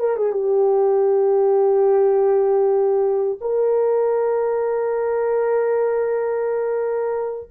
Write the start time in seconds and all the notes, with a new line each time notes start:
0.00 A#4
0.17 G#4
0.33 G4
3.41 A#4